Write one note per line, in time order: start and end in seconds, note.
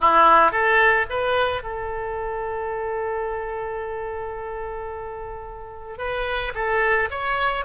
0.00 0.51 E4
0.51 1.06 A4
1.09 1.62 B4
1.62 5.98 A4
5.98 6.52 B4
6.55 7.09 A4
7.10 7.65 C#5